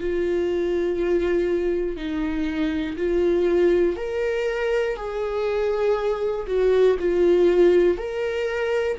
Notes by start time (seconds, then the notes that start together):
0.00 F4
1.97 D#4
2.97 F4
3.97 A#4
4.97 G#4
6.47 F#4
7.00 F4
7.98 A#4